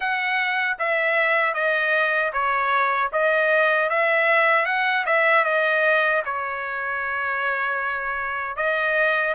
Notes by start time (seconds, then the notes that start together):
0.00 F#5
0.78 E5
1.54 D#5
2.32 C#5
3.12 D#5
3.89 E5
4.65 F#5
5.05 E5
5.44 D#5
6.25 C#5
8.56 D#5